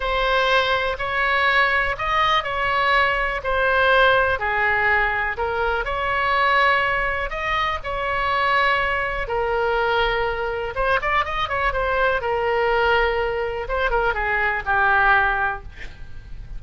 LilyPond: \new Staff \with { instrumentName = "oboe" } { \time 4/4 \tempo 4 = 123 c''2 cis''2 | dis''4 cis''2 c''4~ | c''4 gis'2 ais'4 | cis''2. dis''4 |
cis''2. ais'4~ | ais'2 c''8 d''8 dis''8 cis''8 | c''4 ais'2. | c''8 ais'8 gis'4 g'2 | }